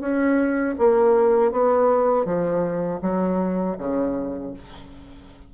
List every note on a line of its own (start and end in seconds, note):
0.00 0.75 C#4
0.78 1.51 A#3
1.51 2.25 B3
2.25 3.00 F3
3.01 3.76 F#3
3.78 4.53 C#3